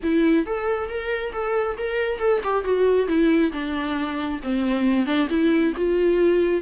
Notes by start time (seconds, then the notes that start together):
0.03 E4
0.46 A4
0.89 A#4
1.32 A4
1.77 A#4
2.18 A4
2.43 G4
2.64 F#4
3.07 E4
3.52 D4
4.43 C4
5.05 D4
5.29 E4
5.76 F4